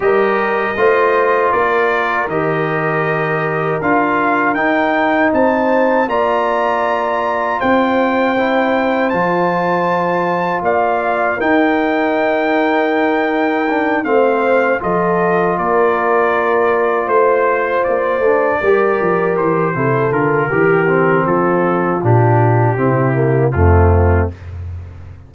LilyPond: <<
  \new Staff \with { instrumentName = "trumpet" } { \time 4/4 \tempo 4 = 79 dis''2 d''4 dis''4~ | dis''4 f''4 g''4 a''4 | ais''2 g''2 | a''2 f''4 g''4~ |
g''2~ g''8 f''4 dis''8~ | dis''8 d''2 c''4 d''8~ | d''4. c''4 ais'4. | a'4 g'2 f'4 | }
  \new Staff \with { instrumentName = "horn" } { \time 4/4 ais'4 c''4 ais'2~ | ais'2. c''4 | d''2 c''2~ | c''2 d''4 ais'4~ |
ais'2~ ais'8 c''4 a'8~ | a'8 ais'2 c''4.~ | c''8 ais'4. a'4 g'4 | f'2 e'4 c'4 | }
  \new Staff \with { instrumentName = "trombone" } { \time 4/4 g'4 f'2 g'4~ | g'4 f'4 dis'2 | f'2. e'4 | f'2. dis'4~ |
dis'2 d'8 c'4 f'8~ | f'1 | d'8 g'4. e'8 f'8 g'8 c'8~ | c'4 d'4 c'8 ais8 a4 | }
  \new Staff \with { instrumentName = "tuba" } { \time 4/4 g4 a4 ais4 dis4~ | dis4 d'4 dis'4 c'4 | ais2 c'2 | f2 ais4 dis'4~ |
dis'2~ dis'8 a4 f8~ | f8 ais2 a4 ais8 | a8 g8 f8 e8 c8 d8 e4 | f4 ais,4 c4 f,4 | }
>>